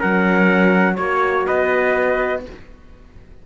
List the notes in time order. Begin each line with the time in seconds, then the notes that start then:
0.00 F#3 C#4 A#4 F#5
0.95 A#3 F#4 C#5
1.47 B3 B4 D#5